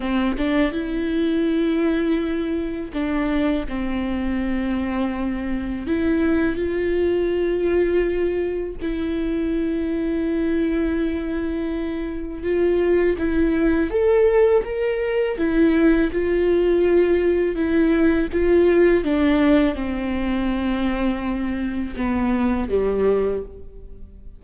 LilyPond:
\new Staff \with { instrumentName = "viola" } { \time 4/4 \tempo 4 = 82 c'8 d'8 e'2. | d'4 c'2. | e'4 f'2. | e'1~ |
e'4 f'4 e'4 a'4 | ais'4 e'4 f'2 | e'4 f'4 d'4 c'4~ | c'2 b4 g4 | }